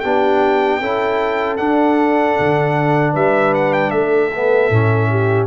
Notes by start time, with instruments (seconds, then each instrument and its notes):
0.00 tuba B3, trombone D4, horn G4, trumpet G5
0.80 tuba C#4, trombone E4, horn A4
1.57 trombone D4, tuba D4, trumpet F#5
2.39 tuba D3
3.13 tuba G3, horn B4, trumpet E5
3.54 trumpet F#5
3.73 trumpet G5
3.91 tuba A3, horn A4, trumpet E5
4.34 trombone B3
4.70 tuba A2, trombone C#4
5.10 horn G4